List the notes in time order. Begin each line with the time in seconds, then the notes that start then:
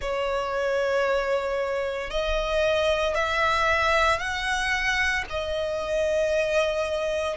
0.01 C#5
2.10 D#5
3.14 E5
4.19 F#5
5.29 D#5